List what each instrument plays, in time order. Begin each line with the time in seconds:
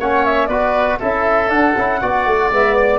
0.00 tuba A#3, trombone C#4, oboe C#5, flute F#5
0.26 flute E5
0.47 tuba B3, trombone F#4, oboe B4, flute D5
1.00 tuba C#4, trombone E4, oboe A4, flute E5
1.49 trombone D4, tuba D4, flute F#5
1.77 tuba C#4, trombone E4
2.02 tuba B3, trombone F#4, oboe D5
2.27 tuba A3
2.51 tuba G#3, trombone B3, flute E5
2.75 flute D5